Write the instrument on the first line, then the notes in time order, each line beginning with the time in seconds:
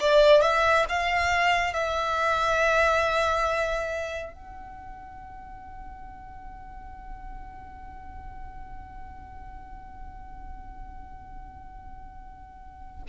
violin
0.00 D5
0.42 E5
0.89 F5
1.74 E5
4.33 F#5